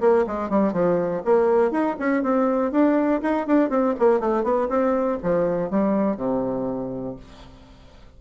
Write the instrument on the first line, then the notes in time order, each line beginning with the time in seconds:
bassoon
0.00 A#3
0.27 G#3
0.50 G3
0.73 F3
1.25 A#3
1.71 D#4
1.99 C#4
2.23 C4
2.71 D4
3.22 D#4
3.47 D4
3.70 C4
3.99 A#3
4.20 A3
4.44 B3
4.69 C4
5.23 F3
5.70 G3
6.17 C3